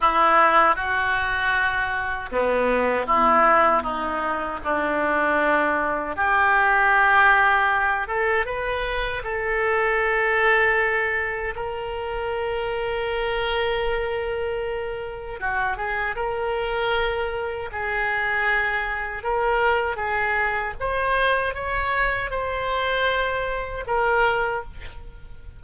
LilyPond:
\new Staff \with { instrumentName = "oboe" } { \time 4/4 \tempo 4 = 78 e'4 fis'2 b4 | e'4 dis'4 d'2 | g'2~ g'8 a'8 b'4 | a'2. ais'4~ |
ais'1 | fis'8 gis'8 ais'2 gis'4~ | gis'4 ais'4 gis'4 c''4 | cis''4 c''2 ais'4 | }